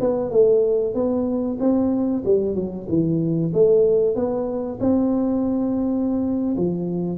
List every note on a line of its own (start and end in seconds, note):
0.00 0.30 B3
0.30 0.94 A3
0.94 1.58 B3
1.60 2.23 C4
2.25 2.55 G3
2.55 2.87 F#3
2.88 3.52 E3
3.53 4.15 A3
4.15 4.79 B3
4.80 6.56 C4
6.57 7.18 F3